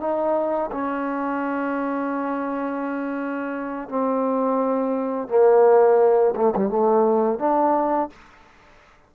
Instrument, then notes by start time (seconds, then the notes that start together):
trombone
0.00 D#4
0.72 C#4
3.89 C4
5.29 A#3
6.36 A3
6.56 G3
6.69 A3
7.39 D4